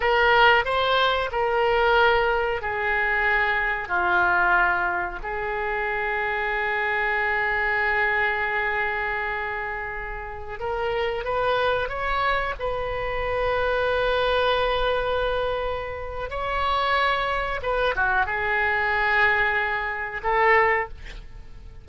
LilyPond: \new Staff \with { instrumentName = "oboe" } { \time 4/4 \tempo 4 = 92 ais'4 c''4 ais'2 | gis'2 f'2 | gis'1~ | gis'1~ |
gis'16 ais'4 b'4 cis''4 b'8.~ | b'1~ | b'4 cis''2 b'8 fis'8 | gis'2. a'4 | }